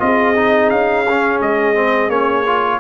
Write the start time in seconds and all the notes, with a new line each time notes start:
0.00 C4 F4 G#4 D#5
0.36 D#4
0.70 C#4 F5
1.10 C#4
1.41 G#3 D#5
1.75 C4
2.09 A#3 C#4 C#5
2.47 F4